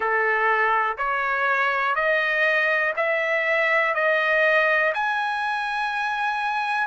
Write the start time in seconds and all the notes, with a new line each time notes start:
0.00 A4
0.97 C#5
1.94 D#5
2.96 E5
3.94 D#5
4.94 G#5